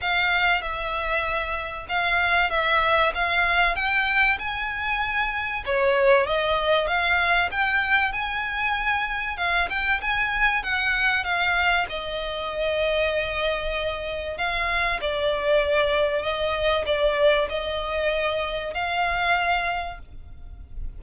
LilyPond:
\new Staff \with { instrumentName = "violin" } { \time 4/4 \tempo 4 = 96 f''4 e''2 f''4 | e''4 f''4 g''4 gis''4~ | gis''4 cis''4 dis''4 f''4 | g''4 gis''2 f''8 g''8 |
gis''4 fis''4 f''4 dis''4~ | dis''2. f''4 | d''2 dis''4 d''4 | dis''2 f''2 | }